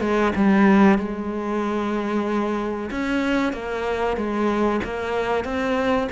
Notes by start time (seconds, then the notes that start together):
0.00 G#3
0.35 G3
0.98 G#3
2.90 C#4
3.53 A#3
4.16 G#3
4.84 A#3
5.44 C4